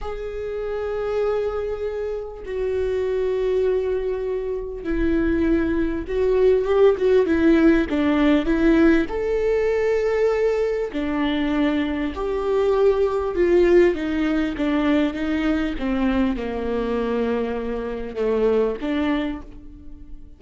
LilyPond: \new Staff \with { instrumentName = "viola" } { \time 4/4 \tempo 4 = 99 gis'1 | fis'1 | e'2 fis'4 g'8 fis'8 | e'4 d'4 e'4 a'4~ |
a'2 d'2 | g'2 f'4 dis'4 | d'4 dis'4 c'4 ais4~ | ais2 a4 d'4 | }